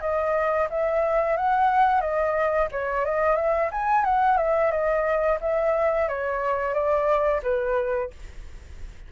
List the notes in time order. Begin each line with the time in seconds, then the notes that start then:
0.00 D#5
0.70 E5
1.36 F#5
2.00 D#5
2.71 C#5
3.05 D#5
3.36 E5
3.71 G#5
4.04 F#5
4.37 E5
4.71 D#5
5.41 E5
6.08 C#5
6.74 D5
7.42 B4